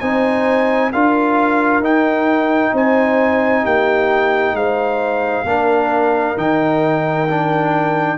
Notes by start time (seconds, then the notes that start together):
0.00 C4 D#4 C5 G#5
0.92 D4 F4 A#4 F5
1.80 D#4 G5
2.73 C4 C5 G#5
3.63 A#3 G4 G5
4.52 G#3 C5 F5
5.44 A#3 D4 A#4
6.37 D#3 D#4 G5
7.28 D4